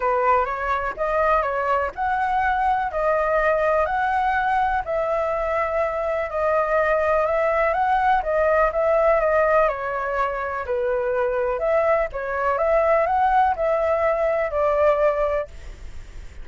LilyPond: \new Staff \with { instrumentName = "flute" } { \time 4/4 \tempo 4 = 124 b'4 cis''4 dis''4 cis''4 | fis''2 dis''2 | fis''2 e''2~ | e''4 dis''2 e''4 |
fis''4 dis''4 e''4 dis''4 | cis''2 b'2 | e''4 cis''4 e''4 fis''4 | e''2 d''2 | }